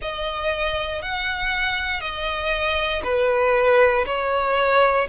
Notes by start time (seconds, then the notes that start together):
0.01 D#5
1.02 F#5
2.00 D#5
3.03 B4
4.05 C#5